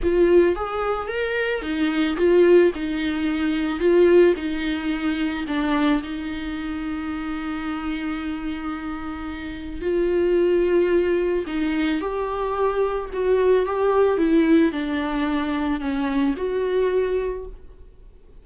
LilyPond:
\new Staff \with { instrumentName = "viola" } { \time 4/4 \tempo 4 = 110 f'4 gis'4 ais'4 dis'4 | f'4 dis'2 f'4 | dis'2 d'4 dis'4~ | dis'1~ |
dis'2 f'2~ | f'4 dis'4 g'2 | fis'4 g'4 e'4 d'4~ | d'4 cis'4 fis'2 | }